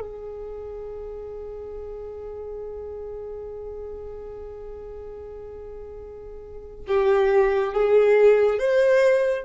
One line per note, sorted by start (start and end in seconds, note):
0.00 6.86 G#4
6.87 7.73 G4
7.73 8.59 G#4
8.59 9.44 C5